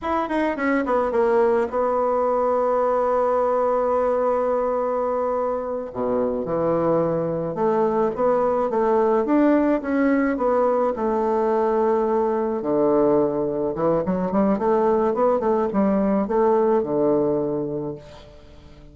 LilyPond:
\new Staff \with { instrumentName = "bassoon" } { \time 4/4 \tempo 4 = 107 e'8 dis'8 cis'8 b8 ais4 b4~ | b1~ | b2~ b8 b,4 e8~ | e4. a4 b4 a8~ |
a8 d'4 cis'4 b4 a8~ | a2~ a8 d4.~ | d8 e8 fis8 g8 a4 b8 a8 | g4 a4 d2 | }